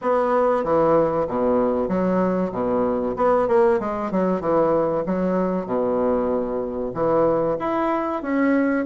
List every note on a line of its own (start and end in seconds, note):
0.01 0.63 B3
0.63 1.27 E3
1.27 1.88 B2
1.88 2.51 F#3
2.52 3.15 B2
3.16 3.47 B3
3.48 3.79 A#3
3.79 4.11 G#3
4.11 4.40 F#3
4.40 5.04 E3
5.06 5.66 F#3
5.66 6.92 B2
6.94 7.57 E3
7.59 8.22 E4
8.22 8.85 C#4